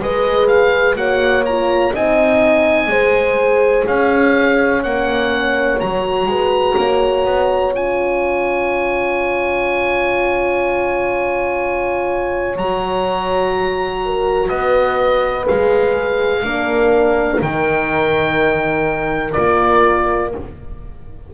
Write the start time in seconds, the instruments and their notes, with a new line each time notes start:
0.00 double bass G#3, horn G#4 B4, oboe D#5
0.48 oboe F5
0.95 double bass A#3, horn F#4 C#5, oboe F#5
1.45 horn F4, oboe A#5
1.93 double bass C4, horn D#4 D#5, oboe G#5
2.87 double bass G#3, horn G#4 C5
3.87 double bass C#4, horn C#5, oboe F5
4.83 double bass A#3, horn C#4, oboe F#5
5.80 double bass F#3, horn F#4, oboe A#5
6.26 double bass G#3, horn B4
6.77 double bass A#3, horn C#5
7.25 double bass B3
7.73 double bass C#4, horn F4, oboe G#5
12.56 double bass F#3, horn F#4, oboe A#5
14.05 horn A#4
14.49 double bass B3, horn B4, oboe D#5
15.47 double bass G#3, horn G#4, oboe F5
16.43 double bass A#3, horn D4 A#4
17.41 double bass D#3, horn D#4, oboe G5
19.33 double bass A#3, horn F4, oboe D5